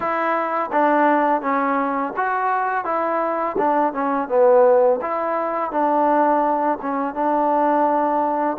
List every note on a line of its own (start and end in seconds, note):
0.00 0.70 E4
0.72 1.41 D4
1.41 2.13 C#4
2.16 2.84 F#4
2.84 3.56 E4
3.57 3.93 D4
3.93 4.28 C#4
4.28 5.00 B3
5.01 5.71 E4
5.71 6.78 D4
6.81 7.14 C#4
7.14 8.57 D4